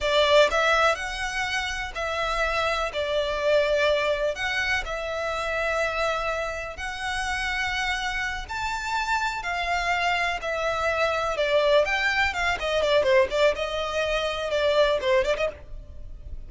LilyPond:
\new Staff \with { instrumentName = "violin" } { \time 4/4 \tempo 4 = 124 d''4 e''4 fis''2 | e''2 d''2~ | d''4 fis''4 e''2~ | e''2 fis''2~ |
fis''4. a''2 f''8~ | f''4. e''2 d''8~ | d''8 g''4 f''8 dis''8 d''8 c''8 d''8 | dis''2 d''4 c''8 d''16 dis''16 | }